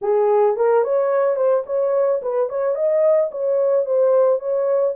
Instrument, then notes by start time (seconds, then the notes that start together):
horn
0.02 G#4
0.56 A#4
0.84 C#5
1.36 C5
1.66 C#5
2.22 B4
2.49 C#5
2.75 D#5
3.31 C#5
3.85 C5
4.39 C#5